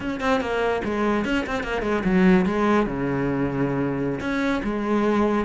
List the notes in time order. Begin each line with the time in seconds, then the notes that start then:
0.00 C#4
0.20 C4
0.40 A#3
0.84 G#3
1.24 C#4
1.46 C4
1.63 A#3
1.82 G#3
2.04 F#3
2.45 G#3
2.86 C#3
4.20 C#4
4.63 G#3